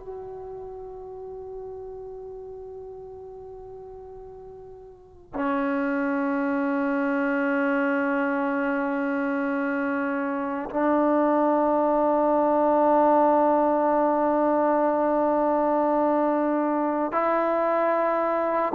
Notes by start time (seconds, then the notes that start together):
0.00 F#4
5.34 C#4
10.71 D4
17.13 E4